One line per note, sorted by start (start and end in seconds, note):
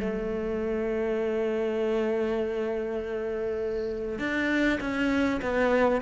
0.00 4.19 A3
4.19 4.79 D4
4.80 5.40 C#4
5.42 6.01 B3